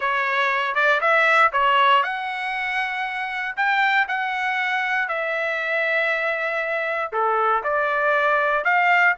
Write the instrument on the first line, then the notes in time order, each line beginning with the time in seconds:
trumpet
0.00 C#5
0.75 D5
1.01 E5
1.52 C#5
2.03 F#5
3.56 G5
4.07 F#5
5.08 E5
7.12 A4
7.63 D5
8.64 F5